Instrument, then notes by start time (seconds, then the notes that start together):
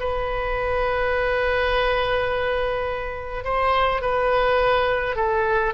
oboe
0.00 B4
3.45 C5
4.02 B4
5.16 A4